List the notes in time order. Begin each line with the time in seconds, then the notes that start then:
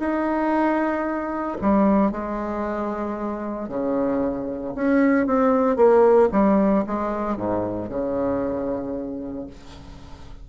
0.00 D#4
1.62 G3
2.12 G#3
3.69 C#3
4.76 C#4
5.27 C4
5.77 A#3
6.32 G3
6.87 G#3
7.37 G#2
7.89 C#3